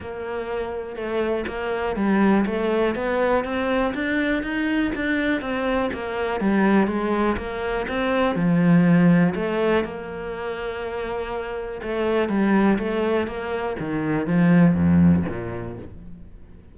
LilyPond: \new Staff \with { instrumentName = "cello" } { \time 4/4 \tempo 4 = 122 ais2 a4 ais4 | g4 a4 b4 c'4 | d'4 dis'4 d'4 c'4 | ais4 g4 gis4 ais4 |
c'4 f2 a4 | ais1 | a4 g4 a4 ais4 | dis4 f4 f,4 ais,4 | }